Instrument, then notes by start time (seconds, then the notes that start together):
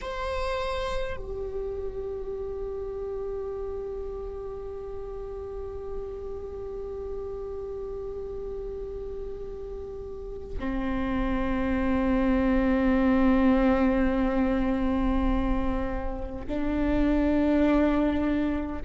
viola
0.01 C5
1.17 G4
10.58 C4
16.47 D4